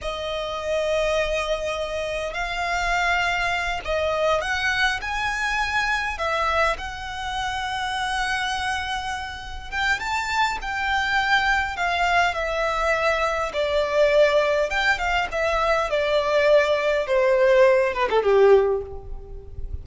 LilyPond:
\new Staff \with { instrumentName = "violin" } { \time 4/4 \tempo 4 = 102 dis''1 | f''2~ f''8 dis''4 fis''8~ | fis''8 gis''2 e''4 fis''8~ | fis''1~ |
fis''8 g''8 a''4 g''2 | f''4 e''2 d''4~ | d''4 g''8 f''8 e''4 d''4~ | d''4 c''4. b'16 a'16 g'4 | }